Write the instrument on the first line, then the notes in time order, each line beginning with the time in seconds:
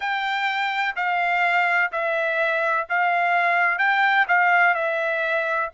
trumpet
0.00 G5
0.96 F5
1.92 E5
2.89 F5
3.78 G5
4.28 F5
4.74 E5